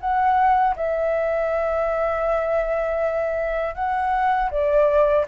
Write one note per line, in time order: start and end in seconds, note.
0.00 0.75 F#5
0.75 3.74 E5
3.74 4.49 F#5
4.50 5.25 D5